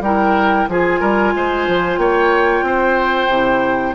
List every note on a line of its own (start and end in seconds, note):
0.00 0.65 G3
0.00 0.69 E4
0.00 0.69 A#4
0.00 0.68 G5
0.68 1.01 F3
0.68 3.30 F4
0.68 1.00 G#4
0.68 1.98 G#5
1.00 1.33 G3
1.00 1.32 A#4
1.35 1.67 G#3
1.35 1.99 C5
1.67 1.97 F3
1.97 2.62 A#3
1.97 2.65 C#5
1.97 3.94 G5
2.62 3.27 C4
2.62 3.94 C5
3.28 3.93 C3
3.28 3.94 E4